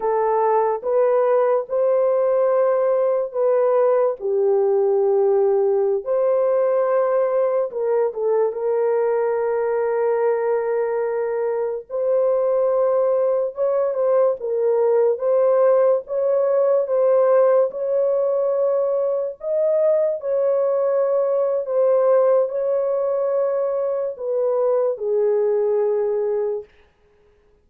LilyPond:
\new Staff \with { instrumentName = "horn" } { \time 4/4 \tempo 4 = 72 a'4 b'4 c''2 | b'4 g'2~ g'16 c''8.~ | c''4~ c''16 ais'8 a'8 ais'4.~ ais'16~ | ais'2~ ais'16 c''4.~ c''16~ |
c''16 cis''8 c''8 ais'4 c''4 cis''8.~ | cis''16 c''4 cis''2 dis''8.~ | dis''16 cis''4.~ cis''16 c''4 cis''4~ | cis''4 b'4 gis'2 | }